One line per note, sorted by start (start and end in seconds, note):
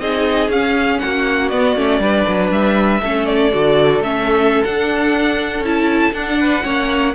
0.00 0.49 C4
0.00 0.51 D#4
0.00 1.01 G#4
0.00 0.50 D#5
0.49 0.99 C#4
0.49 1.52 C#4
0.49 0.99 F5
0.99 1.52 A#3
0.99 2.02 F#4
0.99 1.49 F#5
1.49 1.76 B3
1.49 2.49 D5
1.76 1.99 A3
1.76 2.01 C#4
1.99 2.24 G3
1.99 3.01 D4
1.99 3.01 B4
2.28 2.51 F#3
2.51 3.01 G3
2.51 3.26 E5
3.01 3.53 A3
3.01 3.52 C#4
3.01 6.38 A4
3.26 4.01 D5
3.52 4.00 D3
3.52 4.02 F#4
4.00 4.63 A3
4.00 4.65 C#4
4.00 4.64 E5
4.64 5.64 D4
4.64 5.60 D4
4.64 5.64 F#5
5.60 6.10 C#4
5.60 6.12 E4
5.60 6.14 A5
6.12 6.62 D4
6.12 6.63 D4
6.12 7.14 F#5
6.40 6.64 B4
6.63 7.15 A#3
6.63 7.13 C#4
6.63 7.14 C#5